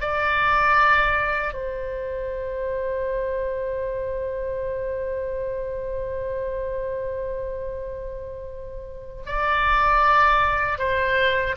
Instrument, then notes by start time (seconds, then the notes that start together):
oboe
0.00 D5
1.53 C5
9.26 D5
10.78 C5